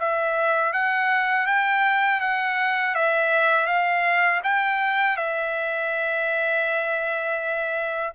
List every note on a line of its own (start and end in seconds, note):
0.00 0.73 E5
0.73 1.47 F#5
1.47 2.21 G5
2.21 2.95 F#5
2.95 3.67 E5
3.67 4.41 F5
4.44 5.18 G5
5.18 8.14 E5